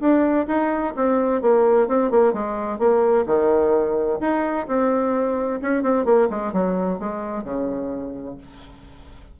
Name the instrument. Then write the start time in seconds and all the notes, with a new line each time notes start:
bassoon
0.00 D4
0.47 D#4
0.96 C4
1.42 A#3
1.88 C4
2.11 A#3
2.33 G#3
2.79 A#3
3.27 D#3
4.21 D#4
4.68 C4
5.62 C#4
5.83 C4
6.05 A#3
6.30 G#3
6.53 F#3
6.99 G#3
7.44 C#3